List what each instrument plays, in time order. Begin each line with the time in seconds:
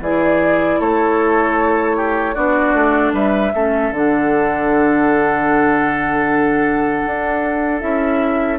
0.00 bassoon E3, clarinet E4, oboe G#4, flute D5
0.80 bassoon A3, oboe A4, flute C#5
1.96 oboe G4
2.34 bassoon B3, clarinet D4, oboe F#4, flute D5
2.73 bassoon A3
3.13 bassoon G3, oboe B4, flute E5
3.54 bassoon A3, clarinet C#4, oboe A4
3.90 bassoon D3, clarinet D4, flute F#5
7.06 bassoon D4
7.80 bassoon C#4, clarinet E4, flute E5